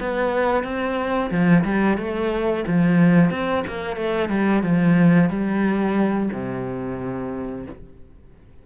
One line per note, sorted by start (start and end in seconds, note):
0.00 0.64 B3
0.64 1.30 C4
1.31 1.64 F3
1.64 1.98 G3
1.98 2.64 A3
2.67 3.30 F3
3.30 3.64 C4
3.67 3.96 A#3
3.96 4.29 A3
4.29 4.62 G3
4.63 5.29 F3
5.29 6.29 G3
6.33 7.66 C3